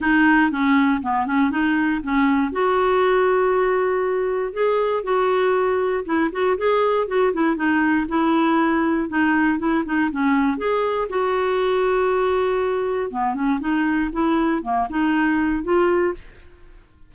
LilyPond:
\new Staff \with { instrumentName = "clarinet" } { \time 4/4 \tempo 4 = 119 dis'4 cis'4 b8 cis'8 dis'4 | cis'4 fis'2.~ | fis'4 gis'4 fis'2 | e'8 fis'8 gis'4 fis'8 e'8 dis'4 |
e'2 dis'4 e'8 dis'8 | cis'4 gis'4 fis'2~ | fis'2 b8 cis'8 dis'4 | e'4 ais8 dis'4. f'4 | }